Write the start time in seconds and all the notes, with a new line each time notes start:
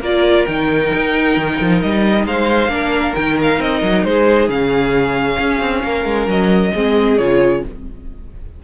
0.00 A#3 F4 A#4 D5
0.46 D#3 D#4 G5
0.94 D#4
1.37 D#3
1.60 F3
1.81 G3 D#5
2.26 G#3 C5 F5
2.68 A#3 D4 A#4
3.15 D#3 D#4 G5
3.42 F5
3.59 C4 D#5
3.82 F#3
4.04 G#3 G#4 C5
4.48 C#3 C#4 F5
5.39 C#4
5.61 C4
5.84 A#3 A#4
6.05 G#3
6.27 F#3 D#5
6.73 G#3 C4 G#4
7.18 C#3 F4 C#5